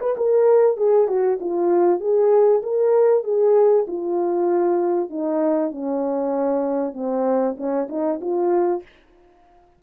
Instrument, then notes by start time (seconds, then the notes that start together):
horn
0.00 B4
0.17 A#4
0.77 G#4
1.08 F#4
1.40 F4
2.00 G#4
2.62 A#4
3.24 G#4
3.87 F4
5.09 D#4
5.71 C#4
6.93 C4
7.57 C#4
7.89 D#4
8.21 F4